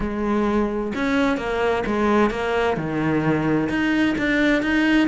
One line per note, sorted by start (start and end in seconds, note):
0.00 0.92 G#3
0.95 1.37 C#4
1.37 1.83 A#3
1.86 2.30 G#3
2.30 2.76 A#3
2.76 3.69 D#3
3.69 4.15 D#4
4.17 4.62 D4
4.62 5.08 D#4